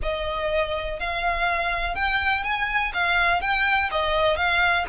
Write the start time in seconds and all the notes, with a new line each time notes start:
0.02 D#5
0.99 F5
1.95 G5
2.43 G#5
2.93 F5
3.41 G5
3.91 D#5
4.36 F5